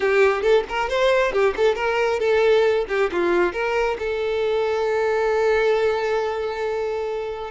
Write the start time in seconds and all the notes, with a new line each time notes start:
0.00 G4
0.42 A4
0.69 A#4
0.89 C5
1.32 G4
1.56 A4
1.75 A#4
2.19 A4
2.88 G4
3.12 F4
3.53 A#4
3.98 A4